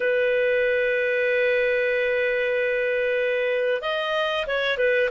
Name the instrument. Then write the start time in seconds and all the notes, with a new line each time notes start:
clarinet
0.00 B4
3.82 D#5
4.47 C#5
4.77 B4